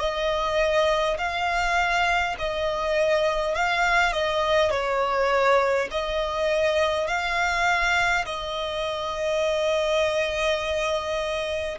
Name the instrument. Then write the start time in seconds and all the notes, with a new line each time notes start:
violin
0.00 D#5
1.18 F5
2.39 D#5
3.55 F5
4.13 D#5
4.71 C#5
5.91 D#5
7.08 F5
8.26 D#5